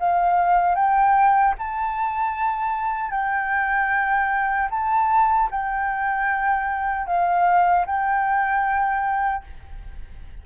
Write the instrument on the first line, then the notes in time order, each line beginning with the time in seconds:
flute
0.00 F5
0.76 G5
1.59 A5
3.11 G5
4.71 A5
5.52 G5
7.07 F5
7.86 G5